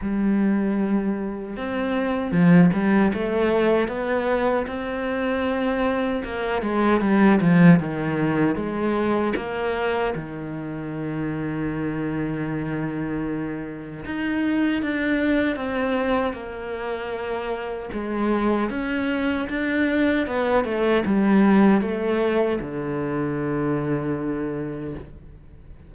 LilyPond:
\new Staff \with { instrumentName = "cello" } { \time 4/4 \tempo 4 = 77 g2 c'4 f8 g8 | a4 b4 c'2 | ais8 gis8 g8 f8 dis4 gis4 | ais4 dis2.~ |
dis2 dis'4 d'4 | c'4 ais2 gis4 | cis'4 d'4 b8 a8 g4 | a4 d2. | }